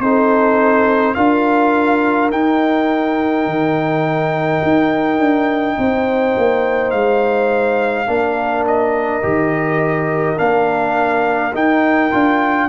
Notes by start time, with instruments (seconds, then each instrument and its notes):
0.00 tuba C4, trombone D#4, horn A4, trumpet C5
1.15 tuba D4, trombone F4, horn A#4, trumpet F5
2.31 tuba D#4, trombone D#4, trumpet G5
3.46 tuba D#3
4.63 tuba D#4
5.19 tuba D4
5.78 tuba C4, horn C5
6.38 tuba A#3
6.91 tuba G#3, trumpet F5
8.07 tuba A#3, trombone D4, horn A#4
8.68 trumpet D#5
9.23 tuba D#3, trombone G4
10.37 tuba A#3, trombone D4, trumpet F5
11.54 trombone D#4, tuba D#4, trumpet G5
12.12 tuba D4, trombone F4